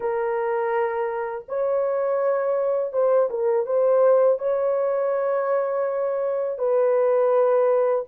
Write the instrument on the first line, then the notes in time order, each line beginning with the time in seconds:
horn
0.00 A#4
1.48 C#5
2.92 C5
3.29 A#4
3.66 C5
4.39 C#5
6.58 B4